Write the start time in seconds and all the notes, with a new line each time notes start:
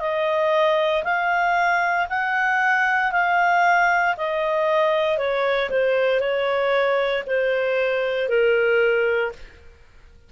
0.00 D#5
1.04 F5
2.10 F#5
3.12 F5
4.18 D#5
5.18 C#5
5.70 C5
6.20 C#5
7.27 C5
8.29 A#4